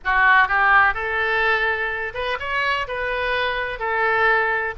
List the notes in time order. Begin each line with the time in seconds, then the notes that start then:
0.04 F#4
0.48 G4
0.94 A4
2.13 B4
2.39 C#5
2.87 B4
3.79 A4